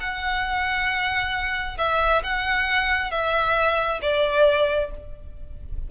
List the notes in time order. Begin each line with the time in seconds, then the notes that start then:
0.00 F#5
1.78 E5
2.24 F#5
3.11 E5
4.02 D5